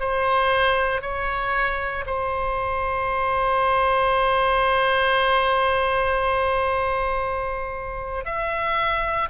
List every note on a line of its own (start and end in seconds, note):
0.00 1.02 C5
1.02 2.05 C#5
2.06 8.25 C5
8.25 9.29 E5